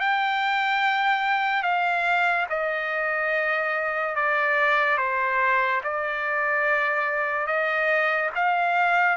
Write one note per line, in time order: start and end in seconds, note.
0.00 1.63 G5
1.63 2.46 F5
2.50 4.16 D#5
4.16 4.97 D5
4.97 5.81 C5
5.83 7.47 D5
7.47 8.30 D#5
8.35 9.17 F5